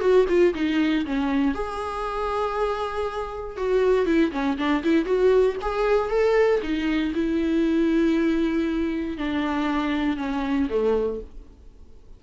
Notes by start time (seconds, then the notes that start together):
0.00 F#4
0.28 F4
0.54 D#4
1.05 C#4
1.54 G#4
3.56 F#4
4.06 E4
4.31 C#4
4.57 D4
4.83 E4
5.05 F#4
5.61 G#4
6.09 A4
6.62 D#4
7.14 E4
9.17 D4
10.16 C#4
10.69 A3